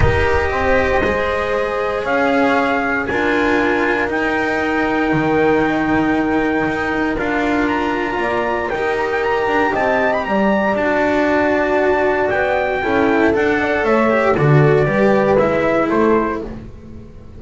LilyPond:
<<
  \new Staff \with { instrumentName = "trumpet" } { \time 4/4 \tempo 4 = 117 dis''1 | f''2 gis''2 | g''1~ | g''2 f''4 ais''4~ |
ais''4 g''8 ais''16 g''16 ais''4 a''8. b''16 | ais''4 a''2. | g''2 fis''4 e''4 | d''2 e''4 c''4 | }
  \new Staff \with { instrumentName = "horn" } { \time 4/4 ais'4 c''2. | cis''2 ais'2~ | ais'1~ | ais'1 |
d''4 ais'2 dis''4 | d''1~ | d''4 a'4. d''8 cis''4 | a'4 b'2 a'4 | }
  \new Staff \with { instrumentName = "cello" } { \time 4/4 g'2 gis'2~ | gis'2 f'2 | dis'1~ | dis'2 f'2~ |
f'4 g'2.~ | g'4 fis'2.~ | fis'4 e'4 a'4. g'8 | fis'4 g'4 e'2 | }
  \new Staff \with { instrumentName = "double bass" } { \time 4/4 dis'4 c'4 gis2 | cis'2 d'2 | dis'2 dis2~ | dis4 dis'4 d'2 |
ais4 dis'4. d'8 c'4 | g4 d'2. | b4 cis'4 d'4 a4 | d4 g4 gis4 a4 | }
>>